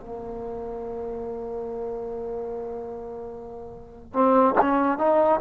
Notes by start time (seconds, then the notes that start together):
0.00 A#3
4.13 C4
4.61 C#4
4.98 D#4